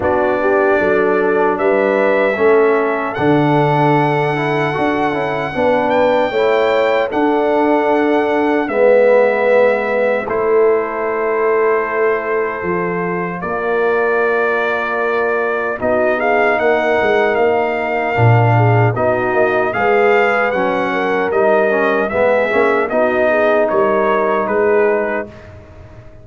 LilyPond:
<<
  \new Staff \with { instrumentName = "trumpet" } { \time 4/4 \tempo 4 = 76 d''2 e''2 | fis''2.~ fis''8 g''8~ | g''4 fis''2 e''4~ | e''4 c''2.~ |
c''4 d''2. | dis''8 f''8 fis''4 f''2 | dis''4 f''4 fis''4 dis''4 | e''4 dis''4 cis''4 b'4 | }
  \new Staff \with { instrumentName = "horn" } { \time 4/4 fis'8 g'8 a'4 b'4 a'4~ | a'2. b'4 | cis''4 a'2 b'4~ | b'4 a'2.~ |
a'4 ais'2. | fis'8 gis'8 ais'2~ ais'8 gis'8 | fis'4 b'4. ais'4. | gis'4 fis'8 gis'8 ais'4 gis'4 | }
  \new Staff \with { instrumentName = "trombone" } { \time 4/4 d'2. cis'4 | d'4. e'8 fis'8 e'8 d'4 | e'4 d'2 b4~ | b4 e'2. |
f'1 | dis'2. d'4 | dis'4 gis'4 cis'4 dis'8 cis'8 | b8 cis'8 dis'2. | }
  \new Staff \with { instrumentName = "tuba" } { \time 4/4 b4 fis4 g4 a4 | d2 d'8 cis'8 b4 | a4 d'2 gis4~ | gis4 a2. |
f4 ais2. | b4 ais8 gis8 ais4 ais,4 | b8 ais8 gis4 fis4 g4 | gis8 ais8 b4 g4 gis4 | }
>>